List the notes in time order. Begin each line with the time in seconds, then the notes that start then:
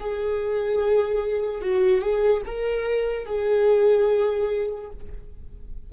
0.00 G#4
1.61 F#4
2.01 G#4
2.46 A#4
3.26 G#4